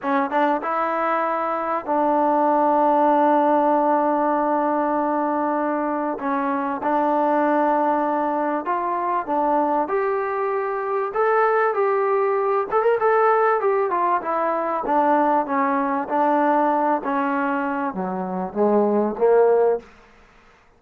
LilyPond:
\new Staff \with { instrumentName = "trombone" } { \time 4/4 \tempo 4 = 97 cis'8 d'8 e'2 d'4~ | d'1~ | d'2 cis'4 d'4~ | d'2 f'4 d'4 |
g'2 a'4 g'4~ | g'8 a'16 ais'16 a'4 g'8 f'8 e'4 | d'4 cis'4 d'4. cis'8~ | cis'4 fis4 gis4 ais4 | }